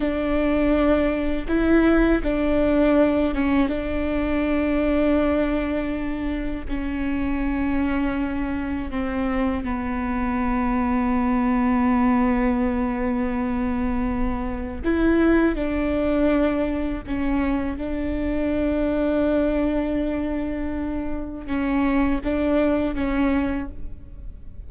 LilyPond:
\new Staff \with { instrumentName = "viola" } { \time 4/4 \tempo 4 = 81 d'2 e'4 d'4~ | d'8 cis'8 d'2.~ | d'4 cis'2. | c'4 b2.~ |
b1 | e'4 d'2 cis'4 | d'1~ | d'4 cis'4 d'4 cis'4 | }